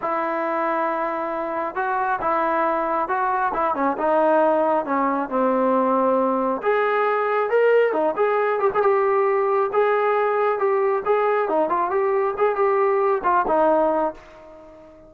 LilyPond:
\new Staff \with { instrumentName = "trombone" } { \time 4/4 \tempo 4 = 136 e'1 | fis'4 e'2 fis'4 | e'8 cis'8 dis'2 cis'4 | c'2. gis'4~ |
gis'4 ais'4 dis'8 gis'4 g'16 gis'16 | g'2 gis'2 | g'4 gis'4 dis'8 f'8 g'4 | gis'8 g'4. f'8 dis'4. | }